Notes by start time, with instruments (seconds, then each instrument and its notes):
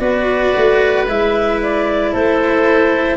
0.00 tuba B3, cello F#4, oboe B4, clarinet D5
0.56 tuba A3
1.08 tuba G#3, cello E4, clarinet E5
1.62 clarinet D5
2.12 tuba A3, oboe A4, clarinet C5